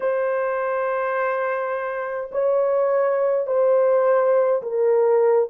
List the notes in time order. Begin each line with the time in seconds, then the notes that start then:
0.00 C5
2.31 C#5
3.46 C5
4.62 A#4